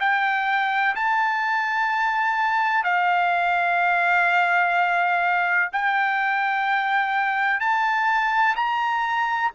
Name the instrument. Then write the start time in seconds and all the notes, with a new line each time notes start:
trumpet
0.00 G5
0.95 A5
2.84 F5
5.73 G5
7.61 A5
8.56 A#5